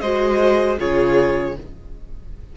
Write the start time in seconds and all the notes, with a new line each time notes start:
0.00 G#3 F#4 C5 D#5
0.78 C#3 F4 G#4 C#5